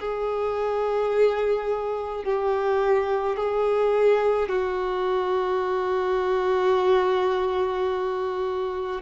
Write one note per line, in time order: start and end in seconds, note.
0.00 2.24 G#4
2.24 3.37 G4
3.37 4.49 G#4
4.49 9.02 F#4